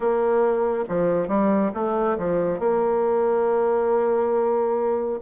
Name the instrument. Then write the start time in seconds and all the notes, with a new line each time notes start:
bassoon
0.00 A#3
0.88 F3
1.28 G3
1.74 A3
2.17 F3
2.59 A#3